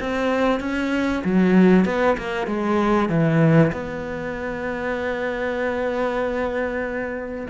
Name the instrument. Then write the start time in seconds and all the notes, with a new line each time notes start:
cello
0.00 C4
0.60 C#4
1.24 F#3
1.85 B3
2.17 A#3
2.47 G#3
3.09 E3
3.72 B3